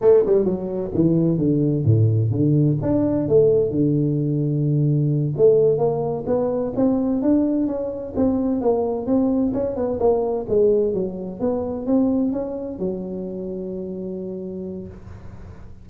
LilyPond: \new Staff \with { instrumentName = "tuba" } { \time 4/4 \tempo 4 = 129 a8 g8 fis4 e4 d4 | a,4 d4 d'4 a4 | d2.~ d8 a8~ | a8 ais4 b4 c'4 d'8~ |
d'8 cis'4 c'4 ais4 c'8~ | c'8 cis'8 b8 ais4 gis4 fis8~ | fis8 b4 c'4 cis'4 fis8~ | fis1 | }